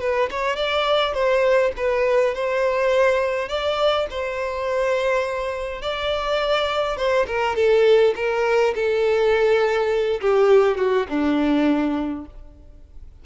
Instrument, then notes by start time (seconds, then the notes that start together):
violin
0.00 B4
0.30 C#5
0.56 D5
1.14 C5
1.76 B4
2.34 C5
3.48 D5
4.10 C5
5.82 D5
6.97 C5
7.27 A#4
7.56 A4
8.16 A#4
8.75 A4
10.21 G4
10.77 F#4
11.09 D4